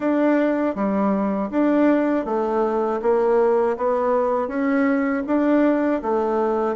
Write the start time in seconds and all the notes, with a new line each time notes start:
0.00 D4
0.75 G3
1.50 D4
2.25 A3
3.02 A#3
3.77 B3
4.48 C#4
5.26 D4
6.01 A3